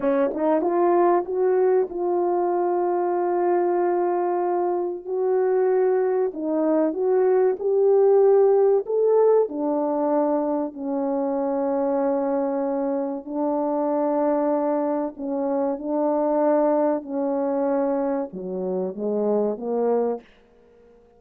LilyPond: \new Staff \with { instrumentName = "horn" } { \time 4/4 \tempo 4 = 95 cis'8 dis'8 f'4 fis'4 f'4~ | f'1 | fis'2 dis'4 fis'4 | g'2 a'4 d'4~ |
d'4 cis'2.~ | cis'4 d'2. | cis'4 d'2 cis'4~ | cis'4 fis4 gis4 ais4 | }